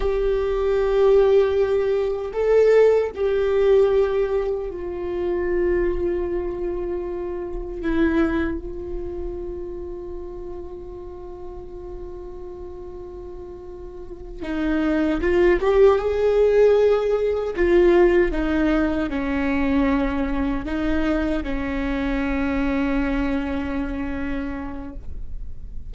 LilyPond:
\new Staff \with { instrumentName = "viola" } { \time 4/4 \tempo 4 = 77 g'2. a'4 | g'2 f'2~ | f'2 e'4 f'4~ | f'1~ |
f'2~ f'8 dis'4 f'8 | g'8 gis'2 f'4 dis'8~ | dis'8 cis'2 dis'4 cis'8~ | cis'1 | }